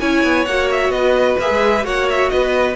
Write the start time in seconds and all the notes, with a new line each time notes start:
0.00 C#4 E4 C#5 G#5
0.24 B3
0.46 A#3 F#4 F#5
0.71 E5
0.90 B3 B4 D#5
1.39 A#3 G#4 E5
1.50 G#3
1.83 A#3 F#4 C#5 F#5
2.10 E5
2.30 B3 B4 D#5